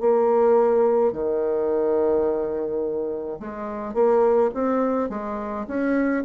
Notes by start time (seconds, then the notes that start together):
0.00 A#3
1.12 D#3
3.39 G#3
3.94 A#3
4.54 C4
5.09 G#3
5.67 C#4